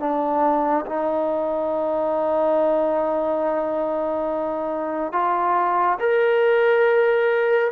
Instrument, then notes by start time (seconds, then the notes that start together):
trombone
0.00 D4
0.86 D#4
5.13 F4
6.00 A#4